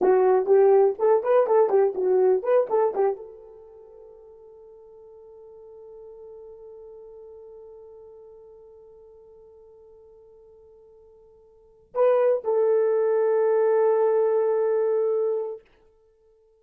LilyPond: \new Staff \with { instrumentName = "horn" } { \time 4/4 \tempo 4 = 123 fis'4 g'4 a'8 b'8 a'8 g'8 | fis'4 b'8 a'8 g'8 a'4.~ | a'1~ | a'1~ |
a'1~ | a'1~ | a'8 b'4 a'2~ a'8~ | a'1 | }